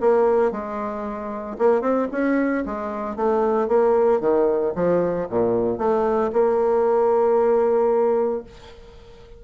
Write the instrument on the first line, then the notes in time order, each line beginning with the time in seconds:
bassoon
0.00 A#3
0.51 G#3
1.58 A#3
1.81 C4
2.11 C#4
2.65 G#3
3.16 A3
3.68 A#3
4.20 D#3
4.75 F3
5.29 A#2
5.78 A3
6.33 A#3